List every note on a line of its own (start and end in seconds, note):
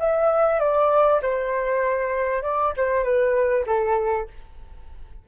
0.00 0.60 E5
0.60 1.21 D5
1.22 2.43 C5
2.43 2.74 D5
2.77 3.04 C5
3.04 3.65 B4
3.67 4.28 A4